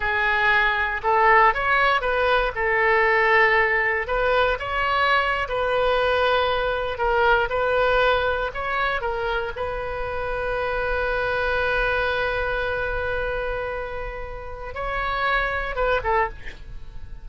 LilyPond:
\new Staff \with { instrumentName = "oboe" } { \time 4/4 \tempo 4 = 118 gis'2 a'4 cis''4 | b'4 a'2. | b'4 cis''4.~ cis''16 b'4~ b'16~ | b'4.~ b'16 ais'4 b'4~ b'16~ |
b'8. cis''4 ais'4 b'4~ b'16~ | b'1~ | b'1~ | b'4 cis''2 b'8 a'8 | }